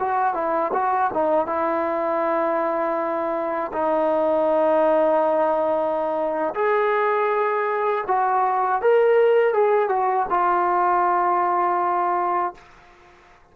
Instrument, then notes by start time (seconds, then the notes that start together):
trombone
0.00 F#4
0.34 E4
0.73 F#4
1.14 D#4
1.47 E4
3.73 D#4
6.55 G#4
8.07 F#4
8.82 A#4
9.54 G#4
9.89 F#4
10.30 F4